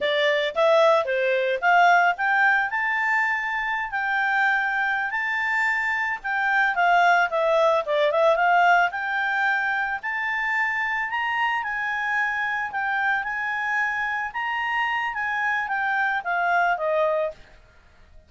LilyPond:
\new Staff \with { instrumentName = "clarinet" } { \time 4/4 \tempo 4 = 111 d''4 e''4 c''4 f''4 | g''4 a''2~ a''16 g''8.~ | g''4. a''2 g''8~ | g''8 f''4 e''4 d''8 e''8 f''8~ |
f''8 g''2 a''4.~ | a''8 ais''4 gis''2 g''8~ | g''8 gis''2 ais''4. | gis''4 g''4 f''4 dis''4 | }